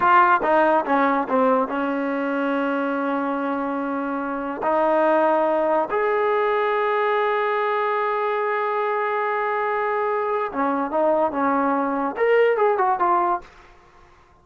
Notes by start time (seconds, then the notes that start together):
0.00 F4
0.42 D#4
0.85 C#4
1.28 C4
1.68 C#4
4.63 D#4
5.90 G#4
10.52 C#4
10.91 D#4
11.31 C#4
12.16 A#4
12.57 G#4
12.78 F#4
12.99 F4